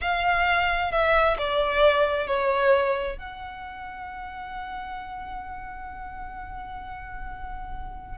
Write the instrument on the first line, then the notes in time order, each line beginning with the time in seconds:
violin
0.01 F5
0.91 E5
1.38 D5
2.27 C#5
3.17 F#5